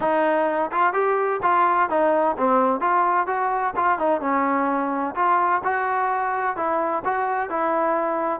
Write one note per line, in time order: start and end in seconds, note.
0.00 0.71 D#4
0.71 0.93 F4
0.93 1.40 G4
1.42 1.89 F4
1.89 2.36 D#4
2.37 2.80 C4
2.80 3.26 F4
3.26 3.73 F#4
3.76 3.98 F4
3.98 4.21 D#4
4.21 5.14 C#4
5.15 5.62 F4
5.64 6.56 F#4
6.56 7.03 E4
7.05 7.49 F#4
7.49 8.40 E4